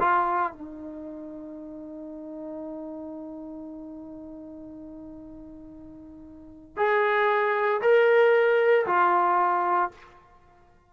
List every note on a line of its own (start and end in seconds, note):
0.00 0.52 F4
0.52 6.77 D#4
6.77 7.81 G#4
7.82 8.86 A#4
8.86 9.91 F4